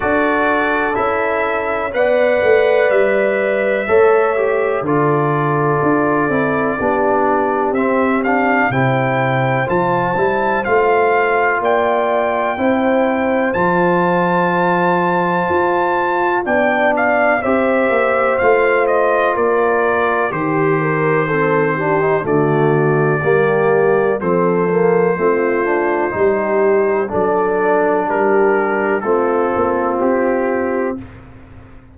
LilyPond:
<<
  \new Staff \with { instrumentName = "trumpet" } { \time 4/4 \tempo 4 = 62 d''4 e''4 fis''4 e''4~ | e''4 d''2. | e''8 f''8 g''4 a''4 f''4 | g''2 a''2~ |
a''4 g''8 f''8 e''4 f''8 dis''8 | d''4 c''2 d''4~ | d''4 c''2. | d''4 ais'4 a'4 g'4 | }
  \new Staff \with { instrumentName = "horn" } { \time 4/4 a'2 d''2 | cis''4 a'2 g'4~ | g'4 c''2. | d''4 c''2.~ |
c''4 d''4 c''2 | ais'4 g'8 ais'8 a'8 g'8 fis'4 | g'4 a'4 f'4 g'4 | a'4 g'4 f'2 | }
  \new Staff \with { instrumentName = "trombone" } { \time 4/4 fis'4 e'4 b'2 | a'8 g'8 f'4. e'8 d'4 | c'8 d'8 e'4 f'8 e'8 f'4~ | f'4 e'4 f'2~ |
f'4 d'4 g'4 f'4~ | f'4 g'4 c'8 d'16 dis'16 a4 | ais4 c'8 ais8 c'8 d'8 dis'4 | d'2 c'2 | }
  \new Staff \with { instrumentName = "tuba" } { \time 4/4 d'4 cis'4 b8 a8 g4 | a4 d4 d'8 c'8 b4 | c'4 c4 f8 g8 a4 | ais4 c'4 f2 |
f'4 b4 c'8 ais8 a4 | ais4 dis2 d4 | g4 f4 a4 g4 | fis4 g4 a8 ais8 c'4 | }
>>